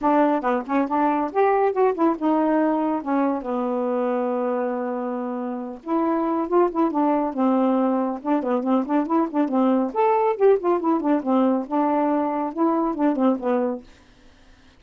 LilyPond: \new Staff \with { instrumentName = "saxophone" } { \time 4/4 \tempo 4 = 139 d'4 b8 cis'8 d'4 g'4 | fis'8 e'8 dis'2 cis'4 | b1~ | b4. e'4. f'8 e'8 |
d'4 c'2 d'8 b8 | c'8 d'8 e'8 d'8 c'4 a'4 | g'8 f'8 e'8 d'8 c'4 d'4~ | d'4 e'4 d'8 c'8 b4 | }